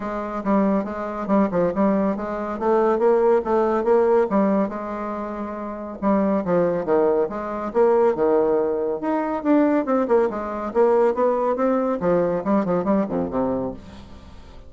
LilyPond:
\new Staff \with { instrumentName = "bassoon" } { \time 4/4 \tempo 4 = 140 gis4 g4 gis4 g8 f8 | g4 gis4 a4 ais4 | a4 ais4 g4 gis4~ | gis2 g4 f4 |
dis4 gis4 ais4 dis4~ | dis4 dis'4 d'4 c'8 ais8 | gis4 ais4 b4 c'4 | f4 g8 f8 g8 f,8 c4 | }